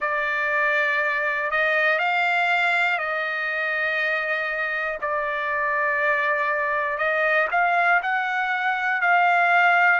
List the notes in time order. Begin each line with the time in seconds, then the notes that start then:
0.00 D5
1.50 D#5
1.99 F5
2.98 D#5
5.00 D5
6.98 D#5
7.51 F5
8.02 F#5
9.00 F5